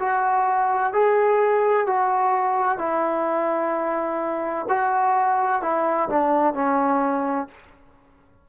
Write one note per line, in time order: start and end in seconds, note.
0.00 0.94 F#4
0.94 1.87 G#4
1.87 2.79 F#4
2.79 4.66 E4
4.69 5.62 F#4
5.62 6.09 E4
6.10 6.54 D4
6.54 7.48 C#4